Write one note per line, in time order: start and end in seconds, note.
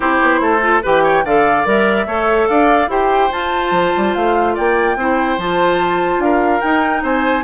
0.00 0.20 C4
0.00 0.60 E4
0.00 0.40 G4
0.00 0.82 C5
0.21 0.40 B3
0.40 0.81 A3
0.40 0.82 A4
0.61 0.81 F4
0.82 1.24 E3
0.82 1.24 G4
0.82 1.03 B4
0.82 1.25 G5
1.03 1.23 C#5
1.24 1.65 D3
1.24 1.64 A4
1.24 2.06 D5
1.24 1.66 F5
1.64 2.06 G3
1.64 2.06 A#4
1.64 2.48 E5
2.06 2.47 A3
2.06 2.88 A4
2.06 2.48 C#5
2.48 2.87 D4
2.48 2.90 D5
2.48 2.89 F5
2.87 3.29 E4
2.87 3.30 G4
2.87 4.54 C5
2.87 3.31 G5
3.31 4.97 F4
3.31 3.71 F4
3.31 4.14 A5
3.71 3.92 F3
3.96 4.15 G3
4.14 4.56 A3
4.14 4.55 F5
4.54 4.96 A#3
4.54 4.95 D5
4.54 5.39 G5
4.96 5.37 C4
4.96 5.39 E4
4.96 6.23 C5
5.37 6.18 F3
5.37 6.61 F4
5.37 6.21 A5
6.18 6.59 D4
6.18 7.02 A#4
6.18 6.61 F5
6.61 7.43 D#4
6.61 7.02 D#4
6.61 7.02 G5
7.02 7.43 C4
7.02 7.43 C5
7.02 7.43 G#5